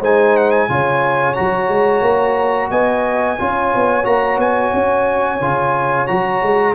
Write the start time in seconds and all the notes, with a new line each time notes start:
0.00 G#3 D#4 C5 G#5
0.36 F#5
0.50 G#5
0.69 C#3 F4 C#5
1.34 F#3 F#4 A#5
1.68 G#3
2.01 A#3
2.70 B3 D#5 G#5
3.39 C#4 F4 C#5
3.75 B3
4.03 A#3 F#4 A#5
4.37 B3 G#5
4.73 C#4
5.40 C#3 F4
6.07 F#3 F#4 A#5
6.42 G#3